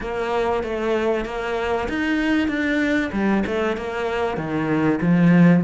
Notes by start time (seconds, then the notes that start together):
0.01 A#3
0.63 A3
1.25 A#3
1.88 D#4
2.48 D4
3.12 G3
3.46 A3
3.77 A#3
4.37 D#3
5.01 F3